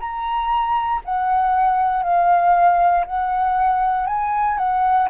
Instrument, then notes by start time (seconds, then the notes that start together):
flute
0.00 A#5
1.05 F#5
2.03 F5
3.06 F#5
4.07 G#5
4.58 F#5